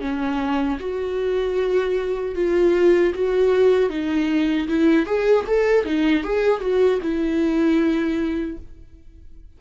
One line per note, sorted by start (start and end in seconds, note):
0.00 0.78 C#4
0.79 2.35 F#4
2.35 3.13 F4
3.14 3.89 F#4
3.89 4.67 D#4
4.68 5.06 E4
5.06 5.45 G#4
5.47 5.85 A4
5.85 6.23 D#4
6.23 6.60 G#4
6.60 6.99 F#4
7.02 8.57 E4